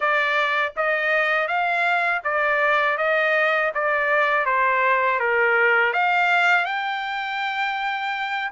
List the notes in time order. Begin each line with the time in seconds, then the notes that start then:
0.00 D5
0.76 D#5
1.47 F5
2.24 D5
2.97 D#5
3.74 D5
4.45 C5
5.19 A#4
5.93 F5
6.65 G5